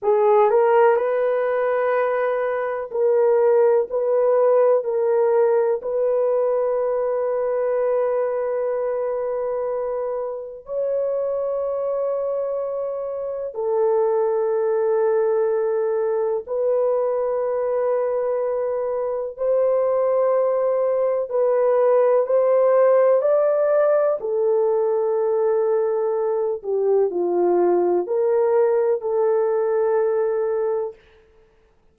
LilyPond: \new Staff \with { instrumentName = "horn" } { \time 4/4 \tempo 4 = 62 gis'8 ais'8 b'2 ais'4 | b'4 ais'4 b'2~ | b'2. cis''4~ | cis''2 a'2~ |
a'4 b'2. | c''2 b'4 c''4 | d''4 a'2~ a'8 g'8 | f'4 ais'4 a'2 | }